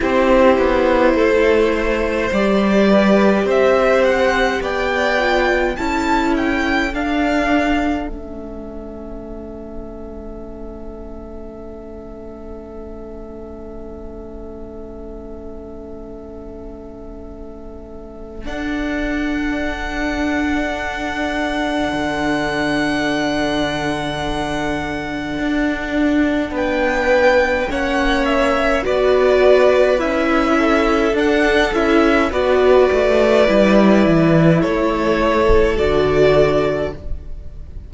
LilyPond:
<<
  \new Staff \with { instrumentName = "violin" } { \time 4/4 \tempo 4 = 52 c''2 d''4 e''8 fis''8 | g''4 a''8 g''8 f''4 e''4~ | e''1~ | e''1 |
fis''1~ | fis''2. g''4 | fis''8 e''8 d''4 e''4 fis''8 e''8 | d''2 cis''4 d''4 | }
  \new Staff \with { instrumentName = "violin" } { \time 4/4 g'4 a'8 c''4 b'8 c''4 | d''4 a'2.~ | a'1~ | a'1~ |
a'1~ | a'2. b'4 | cis''4 b'4. a'4. | b'2 a'2 | }
  \new Staff \with { instrumentName = "viola" } { \time 4/4 e'2 g'2~ | g'8 f'8 e'4 d'4 cis'4~ | cis'1~ | cis'1 |
d'1~ | d'1 | cis'4 fis'4 e'4 d'8 e'8 | fis'4 e'2 fis'4 | }
  \new Staff \with { instrumentName = "cello" } { \time 4/4 c'8 b8 a4 g4 c'4 | b4 cis'4 d'4 a4~ | a1~ | a1 |
d'2. d4~ | d2 d'4 b4 | ais4 b4 cis'4 d'8 cis'8 | b8 a8 g8 e8 a4 d4 | }
>>